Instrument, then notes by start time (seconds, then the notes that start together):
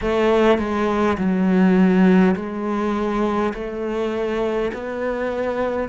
cello
0.01 A3
0.58 G#3
1.17 F#3
2.35 G#3
3.53 A3
4.73 B3